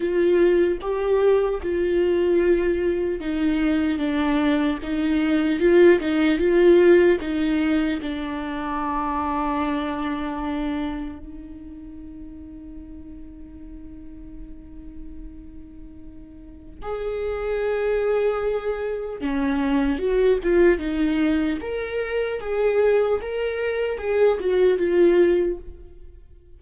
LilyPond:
\new Staff \with { instrumentName = "viola" } { \time 4/4 \tempo 4 = 75 f'4 g'4 f'2 | dis'4 d'4 dis'4 f'8 dis'8 | f'4 dis'4 d'2~ | d'2 dis'2~ |
dis'1~ | dis'4 gis'2. | cis'4 fis'8 f'8 dis'4 ais'4 | gis'4 ais'4 gis'8 fis'8 f'4 | }